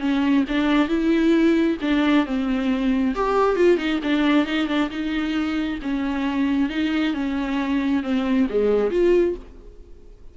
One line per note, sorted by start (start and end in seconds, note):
0.00 0.44 C#4
0.48 0.89 D4
0.89 1.78 E4
1.82 2.26 D4
2.26 3.15 C4
3.15 3.56 G4
3.56 3.78 F4
3.78 4.00 D#4
4.03 4.46 D4
4.46 4.68 D#4
4.68 4.90 D4
4.91 5.79 D#4
5.82 6.69 C#4
6.69 7.14 D#4
7.14 8.03 C#4
8.03 8.48 C4
8.50 8.91 G#3
8.91 9.35 F4